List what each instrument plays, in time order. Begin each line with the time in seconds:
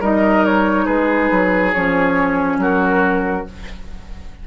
0.00 bassoon G3, clarinet D#4, oboe A#4, flute D#5
0.45 flute C#5
0.85 bassoon G#3, oboe G#4, flute B4
1.31 bassoon F#3
1.73 bassoon F3, clarinet C#4, flute C#5
2.58 bassoon F#3, oboe F#4, flute A#4